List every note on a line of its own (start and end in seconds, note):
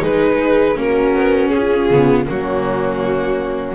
0.00 0.78 G#3
0.00 0.75 D#4
0.00 0.77 G#4
0.00 0.79 B4
0.75 1.15 A#3
0.75 1.88 C#4
0.75 1.53 F#4
0.75 1.49 A#4
1.15 1.53 B3
1.49 1.91 C#4
1.49 2.24 G#4
1.58 2.29 F4
1.91 2.28 C#3
1.91 2.26 B3
2.26 3.75 F#3
2.26 3.75 A#3
2.26 3.75 C#4
2.26 3.75 F#4